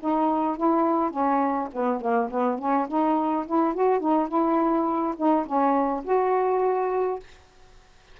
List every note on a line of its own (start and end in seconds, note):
0.00 0.57 D#4
0.57 1.11 E4
1.11 1.68 C#4
1.73 2.01 B3
2.01 2.30 A#3
2.30 2.58 B3
2.58 2.87 C#4
2.88 3.45 D#4
3.46 3.74 E4
3.74 3.99 F#4
3.99 4.28 D#4
4.28 5.15 E4
5.17 5.46 D#4
5.46 6.04 C#4
6.04 7.19 F#4